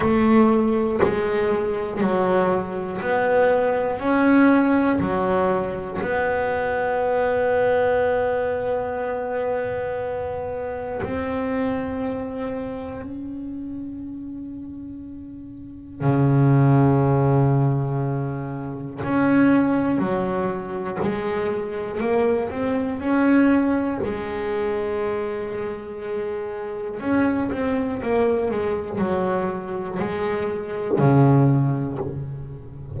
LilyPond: \new Staff \with { instrumentName = "double bass" } { \time 4/4 \tempo 4 = 60 a4 gis4 fis4 b4 | cis'4 fis4 b2~ | b2. c'4~ | c'4 cis'2. |
cis2. cis'4 | fis4 gis4 ais8 c'8 cis'4 | gis2. cis'8 c'8 | ais8 gis8 fis4 gis4 cis4 | }